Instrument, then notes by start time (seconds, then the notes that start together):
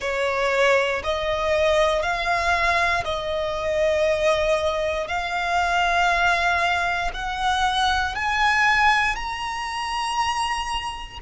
violin
0.00 C#5
1.03 D#5
2.02 F5
3.04 D#5
5.07 F5
7.13 F#5
8.15 G#5
9.15 A#5